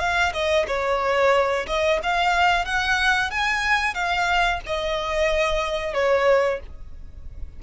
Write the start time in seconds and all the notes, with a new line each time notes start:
0.00 F5
0.34 D#5
0.68 C#5
1.67 D#5
2.03 F5
2.66 F#5
3.31 G#5
3.95 F5
4.67 D#5
5.94 C#5